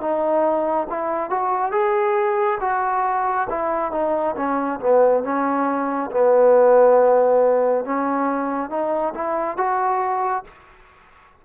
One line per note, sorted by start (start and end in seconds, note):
0.00 0.87 D#4
0.89 1.30 E4
1.30 1.71 F#4
1.71 2.58 G#4
2.60 3.47 F#4
3.49 3.91 E4
3.91 4.35 D#4
4.36 4.79 C#4
4.79 5.23 B3
5.23 6.10 C#4
6.10 7.84 B3
7.85 8.70 C#4
8.70 9.13 D#4
9.14 9.57 E4
9.57 10.44 F#4